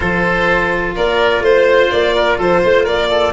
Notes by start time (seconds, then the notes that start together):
0.00 F3 F4 A4 C5
0.95 A#3 A#4 D5
1.40 A3 C5
1.91 A#3 D5
2.15 A#4
2.38 F3 A4 C5
2.61 A3 C5
2.83 A#3 A#4 D5
3.09 A4